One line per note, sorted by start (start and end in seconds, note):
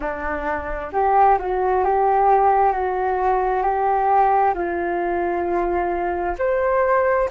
0.00 0.90 D4
0.92 1.38 G4
1.38 1.84 F#4
1.84 2.72 G4
2.72 3.62 F#4
3.62 4.53 G4
4.54 6.36 F4
6.38 7.29 C5